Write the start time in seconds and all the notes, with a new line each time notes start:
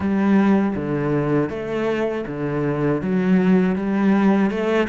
0.00 G3
0.75 D3
1.49 A3
2.27 D3
3.01 F#3
3.75 G3
4.50 A3